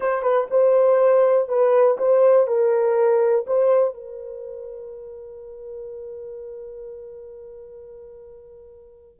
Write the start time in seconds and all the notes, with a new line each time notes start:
0.00 C5
0.22 B4
0.50 C5
1.48 B4
1.97 C5
2.47 A#4
3.46 C5
3.94 A#4